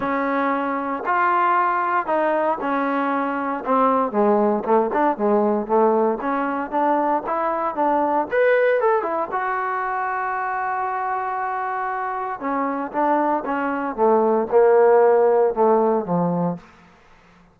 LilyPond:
\new Staff \with { instrumentName = "trombone" } { \time 4/4 \tempo 4 = 116 cis'2 f'2 | dis'4 cis'2 c'4 | gis4 a8 d'8 gis4 a4 | cis'4 d'4 e'4 d'4 |
b'4 a'8 e'8 fis'2~ | fis'1 | cis'4 d'4 cis'4 a4 | ais2 a4 f4 | }